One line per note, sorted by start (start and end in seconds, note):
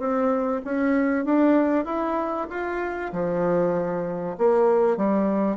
0.00 0.62 C4
0.65 1.25 C#4
1.25 1.86 D4
1.86 2.47 E4
2.50 3.12 F4
3.13 4.37 F3
4.38 4.98 A#3
4.98 5.57 G3